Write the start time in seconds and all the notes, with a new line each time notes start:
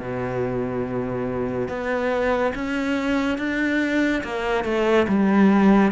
0.00 B2
1.69 B3
2.55 C#4
3.38 D4
4.24 A#3
4.65 A3
5.08 G3